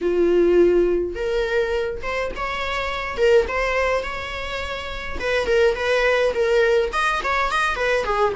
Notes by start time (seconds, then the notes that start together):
0.01 F4
1.15 A#4
2.02 C5
2.35 C#5
3.17 A#4
3.47 C5
4.03 C#5
5.19 B4
5.47 A#4
5.75 B4
6.34 A#4
6.92 D#5
7.23 C#5
7.51 D#5
7.75 B4
8.04 G#4